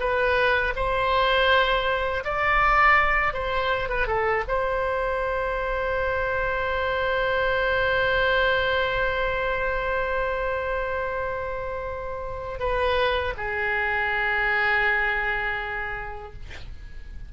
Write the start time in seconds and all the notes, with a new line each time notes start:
0.00 B4
0.76 C5
2.24 D5
3.34 C5
3.89 B4
4.07 A4
4.48 C5
12.60 B4
13.37 G#4